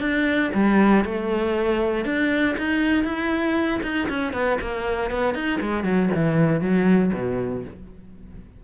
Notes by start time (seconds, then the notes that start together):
0.00 D4
0.54 G3
1.05 A3
2.05 D4
2.58 D#4
3.04 E4
3.83 D#4
4.09 C#4
4.33 B3
4.61 A#3
5.11 B3
5.35 D#4
5.61 G#3
5.84 F#3
6.15 E3
6.61 F#3
7.13 B2